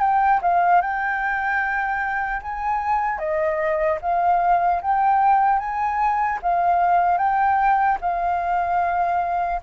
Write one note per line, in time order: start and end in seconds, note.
0.00 0.40 G5
0.42 0.81 F5
0.81 2.41 G5
2.42 3.19 G#5
3.19 3.99 D#5
4.01 4.81 F5
4.82 5.59 G5
5.59 6.39 G#5
6.43 7.18 F5
7.18 7.98 G5
8.01 9.61 F5